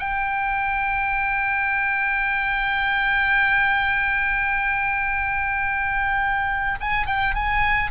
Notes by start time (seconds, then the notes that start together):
0.00 G5
6.81 G#5
7.07 G5
7.35 G#5